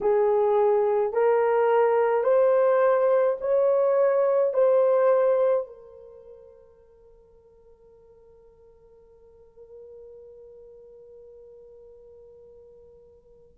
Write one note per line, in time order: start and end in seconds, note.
0.01 1.13 G#4
1.13 2.23 A#4
2.23 3.37 C5
3.41 4.53 C#5
4.53 5.66 C5
5.66 13.57 A#4